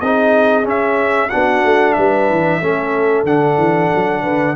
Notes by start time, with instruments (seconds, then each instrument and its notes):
0.00 tuba C4, trombone D#4, horn G#4, trumpet D#5
0.63 trombone C#4, tuba C#4, trumpet E5
1.29 tuba B3, trombone D4, horn F#4, trumpet F#5
1.64 tuba A3
1.93 tuba G3, horn B4, trumpet E5
2.30 tuba E3
2.60 tuba A3, trombone C#4, horn A4
3.23 tuba D3, trombone D4, trumpet F#5
3.57 tuba E3
3.95 tuba F#3
4.22 tuba D3, horn B4